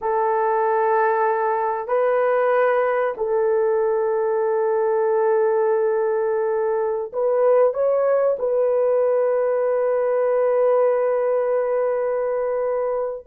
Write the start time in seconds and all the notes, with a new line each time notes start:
0.01 A4
1.87 B4
3.17 A4
7.12 B4
7.73 C#5
8.39 B4